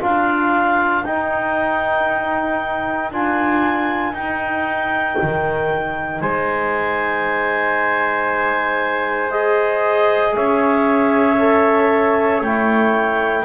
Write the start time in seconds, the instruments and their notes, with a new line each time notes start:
0.00 double bass D4, trombone F4, trumpet A#4, clarinet F5
1.04 double bass D#4, trombone D#4, clarinet G5
3.11 double bass D4, trombone F4, clarinet G#5
4.12 double bass D#4, trombone D#4, clarinet G5
5.22 double bass D#3
6.20 double bass G#3, trumpet C5, clarinet G#5
9.30 trombone G#4, clarinet D#5
10.35 double bass C#4, trumpet C#5, clarinet E5
11.38 trombone A4
12.40 double bass A3, trombone E4, clarinet G5